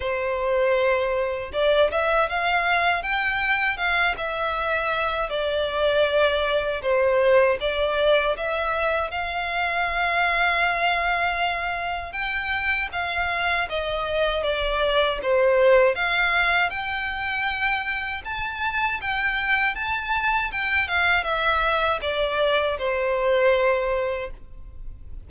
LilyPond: \new Staff \with { instrumentName = "violin" } { \time 4/4 \tempo 4 = 79 c''2 d''8 e''8 f''4 | g''4 f''8 e''4. d''4~ | d''4 c''4 d''4 e''4 | f''1 |
g''4 f''4 dis''4 d''4 | c''4 f''4 g''2 | a''4 g''4 a''4 g''8 f''8 | e''4 d''4 c''2 | }